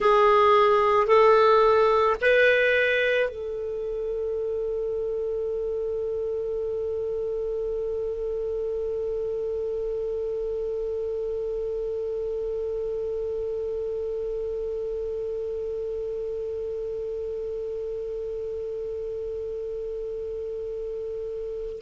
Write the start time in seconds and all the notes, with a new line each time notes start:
0.00 G#4
1.07 A4
2.21 B4
3.29 A4